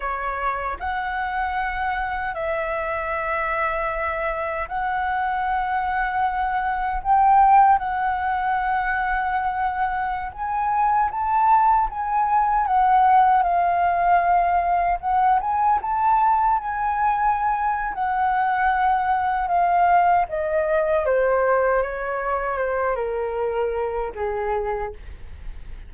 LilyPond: \new Staff \with { instrumentName = "flute" } { \time 4/4 \tempo 4 = 77 cis''4 fis''2 e''4~ | e''2 fis''2~ | fis''4 g''4 fis''2~ | fis''4~ fis''16 gis''4 a''4 gis''8.~ |
gis''16 fis''4 f''2 fis''8 gis''16~ | gis''16 a''4 gis''4.~ gis''16 fis''4~ | fis''4 f''4 dis''4 c''4 | cis''4 c''8 ais'4. gis'4 | }